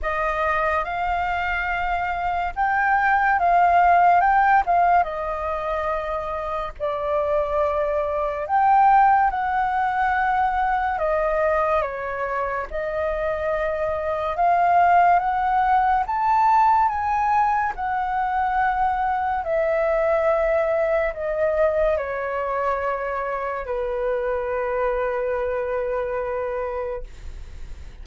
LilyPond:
\new Staff \with { instrumentName = "flute" } { \time 4/4 \tempo 4 = 71 dis''4 f''2 g''4 | f''4 g''8 f''8 dis''2 | d''2 g''4 fis''4~ | fis''4 dis''4 cis''4 dis''4~ |
dis''4 f''4 fis''4 a''4 | gis''4 fis''2 e''4~ | e''4 dis''4 cis''2 | b'1 | }